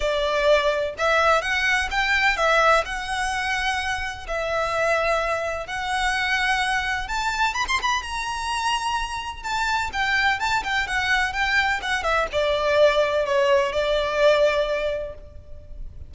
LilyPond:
\new Staff \with { instrumentName = "violin" } { \time 4/4 \tempo 4 = 127 d''2 e''4 fis''4 | g''4 e''4 fis''2~ | fis''4 e''2. | fis''2. a''4 |
b''16 c'''16 b''8 ais''2. | a''4 g''4 a''8 g''8 fis''4 | g''4 fis''8 e''8 d''2 | cis''4 d''2. | }